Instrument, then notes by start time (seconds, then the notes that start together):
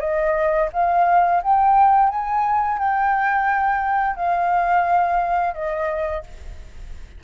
flute
0.00 D#5
0.73 F5
1.43 G5
2.09 G#5
2.78 G5
4.16 F5
5.54 D#5